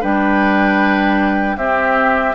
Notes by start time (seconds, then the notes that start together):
0.00 G3 D4 B4 G5
1.56 C4 G4 E5